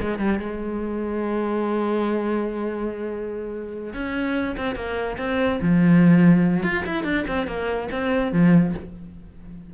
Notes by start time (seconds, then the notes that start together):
0.00 G#3
0.18 G3
0.39 G#3
3.93 C#4
4.57 C4
4.75 A#3
5.18 C4
5.61 F3
6.63 F4
6.86 E4
7.04 D4
7.27 C4
7.47 A#3
7.91 C4
8.32 F3